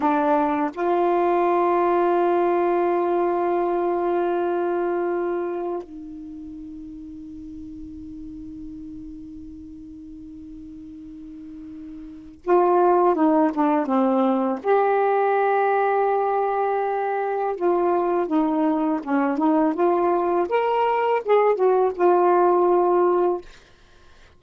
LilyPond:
\new Staff \with { instrumentName = "saxophone" } { \time 4/4 \tempo 4 = 82 d'4 f'2.~ | f'1 | dis'1~ | dis'1~ |
dis'4 f'4 dis'8 d'8 c'4 | g'1 | f'4 dis'4 cis'8 dis'8 f'4 | ais'4 gis'8 fis'8 f'2 | }